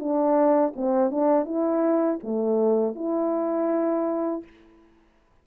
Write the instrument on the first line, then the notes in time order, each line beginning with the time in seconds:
horn
0.00 D4
0.76 C4
1.11 D4
1.45 E4
2.24 A3
2.96 E4